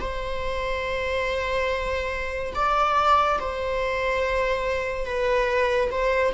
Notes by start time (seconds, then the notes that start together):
0.00 C5
2.55 D5
3.40 C5
5.06 B4
5.91 C5